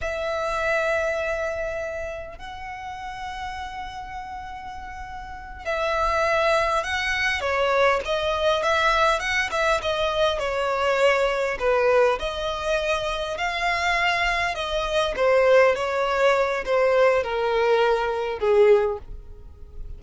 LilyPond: \new Staff \with { instrumentName = "violin" } { \time 4/4 \tempo 4 = 101 e''1 | fis''1~ | fis''4. e''2 fis''8~ | fis''8 cis''4 dis''4 e''4 fis''8 |
e''8 dis''4 cis''2 b'8~ | b'8 dis''2 f''4.~ | f''8 dis''4 c''4 cis''4. | c''4 ais'2 gis'4 | }